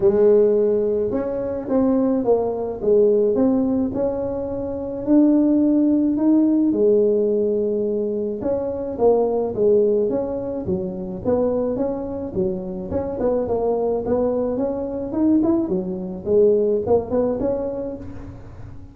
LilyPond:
\new Staff \with { instrumentName = "tuba" } { \time 4/4 \tempo 4 = 107 gis2 cis'4 c'4 | ais4 gis4 c'4 cis'4~ | cis'4 d'2 dis'4 | gis2. cis'4 |
ais4 gis4 cis'4 fis4 | b4 cis'4 fis4 cis'8 b8 | ais4 b4 cis'4 dis'8 e'8 | fis4 gis4 ais8 b8 cis'4 | }